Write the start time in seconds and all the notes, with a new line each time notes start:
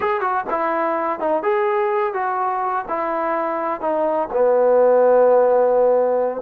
0.00 G#4
0.20 F#4
0.49 E4
1.19 D#4
1.42 G#4
2.13 F#4
2.88 E4
3.81 D#4
4.32 B3